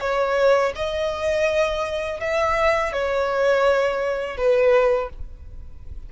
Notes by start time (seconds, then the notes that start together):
0.00 C#5
0.75 D#5
2.20 E5
2.92 C#5
4.37 B4